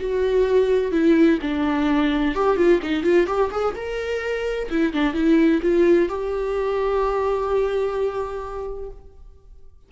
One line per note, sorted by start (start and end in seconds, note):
0.00 0.92 F#4
0.92 1.39 E4
1.42 2.35 D4
2.35 2.57 G4
2.57 2.80 F4
2.82 3.03 D#4
3.03 3.27 F4
3.27 3.50 G4
3.51 3.75 G#4
3.75 4.69 A#4
4.70 4.93 E4
4.93 5.14 D4
5.14 5.61 E4
5.62 6.09 F4
6.09 8.90 G4